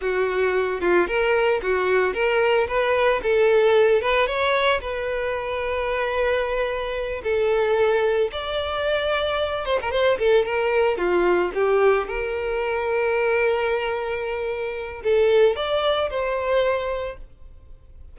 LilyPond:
\new Staff \with { instrumentName = "violin" } { \time 4/4 \tempo 4 = 112 fis'4. f'8 ais'4 fis'4 | ais'4 b'4 a'4. b'8 | cis''4 b'2.~ | b'4. a'2 d''8~ |
d''2 c''16 ais'16 c''8 a'8 ais'8~ | ais'8 f'4 g'4 ais'4.~ | ais'1 | a'4 d''4 c''2 | }